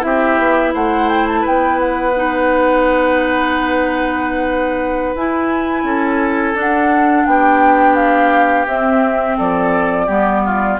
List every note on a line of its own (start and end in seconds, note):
0.00 0.38 C4
0.00 2.12 E4
0.00 0.74 G4
0.00 0.73 E5
0.38 0.74 B3
0.74 1.45 A3
0.74 1.41 C5
0.74 1.09 F#5
1.09 1.26 G5
1.28 1.45 A5
1.41 5.82 B4
1.41 1.79 G5
1.47 5.15 B3
1.79 5.14 F#5
2.16 5.16 D#4
5.15 5.83 E4
5.15 6.54 E4
5.15 6.58 G#5
5.83 6.54 C#4
5.83 7.27 A4
6.54 7.24 D4
6.54 8.66 D4
6.54 7.27 F#5
7.26 8.66 B3
7.26 9.37 G4
7.26 7.95 G5
7.95 8.66 F5
8.66 9.37 C4
8.66 10.09 C4
8.66 9.38 E5
9.37 10.08 F3
9.37 10.06 A4
9.37 10.80 D5
10.06 10.79 G3
10.06 10.79 B3
10.06 10.41 G4
10.45 10.80 F4